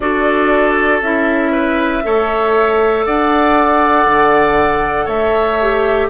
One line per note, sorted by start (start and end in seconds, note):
0.00 1.01 D4
0.00 1.02 F#4
0.00 1.51 A4
0.00 1.01 D5
1.01 2.03 C#4
1.01 2.03 E4
1.01 3.05 E5
1.51 2.02 B4
2.03 3.06 A3
2.03 5.59 A4
2.03 3.06 C#5
3.05 4.06 D4
3.05 5.05 D5
3.05 5.07 F#5
4.06 5.06 D3
5.05 6.08 A3
5.05 6.07 C#5
5.05 6.09 E5
5.61 6.10 G4